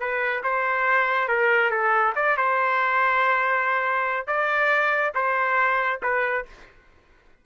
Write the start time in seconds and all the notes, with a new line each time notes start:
0.00 B4
0.44 C5
1.29 A#4
1.71 A4
2.16 D5
2.37 C5
4.27 D5
5.15 C5
6.03 B4